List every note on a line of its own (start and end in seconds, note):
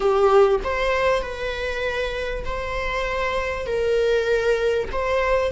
0.00 0.60 G4
0.63 1.22 C5
1.22 2.44 B4
2.45 3.66 C5
3.66 4.88 A#4
4.91 5.51 C5